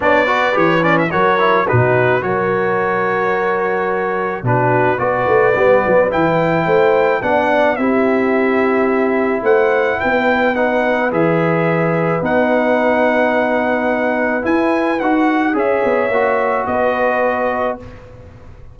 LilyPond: <<
  \new Staff \with { instrumentName = "trumpet" } { \time 4/4 \tempo 4 = 108 d''4 cis''8 d''16 e''16 cis''4 b'4 | cis''1 | b'4 d''2 g''4~ | g''4 fis''4 e''2~ |
e''4 fis''4 g''4 fis''4 | e''2 fis''2~ | fis''2 gis''4 fis''4 | e''2 dis''2 | }
  \new Staff \with { instrumentName = "horn" } { \time 4/4 cis''8 b'4. ais'4 fis'4 | ais'1 | fis'4 b'2. | c''4 d''4 g'2~ |
g'4 c''4 b'2~ | b'1~ | b'1 | cis''2 b'2 | }
  \new Staff \with { instrumentName = "trombone" } { \time 4/4 d'8 fis'8 g'8 cis'8 fis'8 e'8 dis'4 | fis'1 | d'4 fis'4 b4 e'4~ | e'4 d'4 e'2~ |
e'2. dis'4 | gis'2 dis'2~ | dis'2 e'4 fis'4 | gis'4 fis'2. | }
  \new Staff \with { instrumentName = "tuba" } { \time 4/4 b4 e4 fis4 b,4 | fis1 | b,4 b8 a8 g8 fis8 e4 | a4 b4 c'2~ |
c'4 a4 b2 | e2 b2~ | b2 e'4 dis'4 | cis'8 b8 ais4 b2 | }
>>